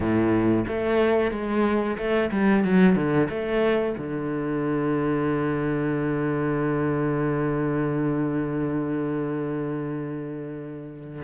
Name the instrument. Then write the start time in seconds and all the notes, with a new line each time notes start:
cello
0.00 A2
0.67 A3
1.31 G#3
1.97 A3
2.31 G3
2.64 F#3
2.95 D3
3.29 A3
3.97 D3